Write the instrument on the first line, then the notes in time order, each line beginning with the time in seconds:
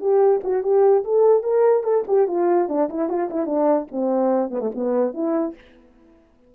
horn
0.00 G4
0.44 F#4
0.63 G4
1.04 A4
1.43 A#4
1.83 A4
2.07 G4
2.27 F4
2.68 D4
2.89 E4
3.09 F4
3.30 E4
3.46 D4
3.91 C4
4.50 B3
4.60 A3
4.75 B3
5.14 E4